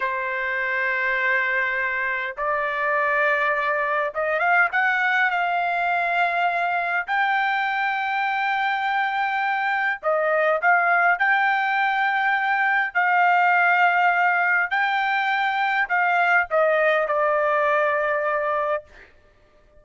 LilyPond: \new Staff \with { instrumentName = "trumpet" } { \time 4/4 \tempo 4 = 102 c''1 | d''2. dis''8 f''8 | fis''4 f''2. | g''1~ |
g''4 dis''4 f''4 g''4~ | g''2 f''2~ | f''4 g''2 f''4 | dis''4 d''2. | }